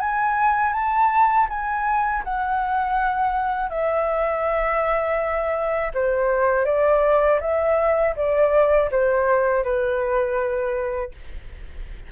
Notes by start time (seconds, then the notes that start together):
0.00 G#5
0.73 A5
1.49 G#5
2.24 F#5
3.70 E5
5.94 C5
6.65 D5
7.40 E5
8.16 D5
8.91 C5
9.64 B4